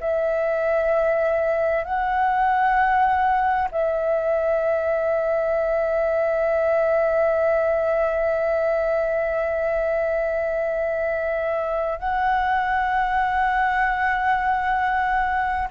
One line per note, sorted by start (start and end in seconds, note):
0.00 1.84 E5
1.84 3.69 F#5
3.71 11.99 E5
11.99 15.68 F#5